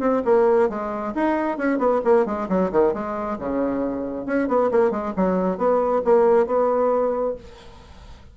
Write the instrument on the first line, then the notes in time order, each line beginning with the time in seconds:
bassoon
0.00 C4
0.25 A#3
0.69 G#3
1.15 D#4
1.58 C#4
1.78 B3
2.04 A#3
2.25 G#3
2.49 F#3
2.72 D#3
2.93 G#3
3.39 C#3
4.26 C#4
4.48 B3
4.71 A#3
4.91 G#3
5.16 F#3
5.58 B3
6.04 A#3
6.46 B3